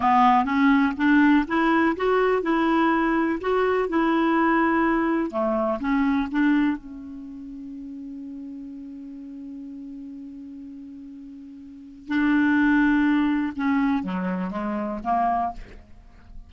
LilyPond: \new Staff \with { instrumentName = "clarinet" } { \time 4/4 \tempo 4 = 124 b4 cis'4 d'4 e'4 | fis'4 e'2 fis'4 | e'2. a4 | cis'4 d'4 cis'2~ |
cis'1~ | cis'1~ | cis'4 d'2. | cis'4 fis4 gis4 ais4 | }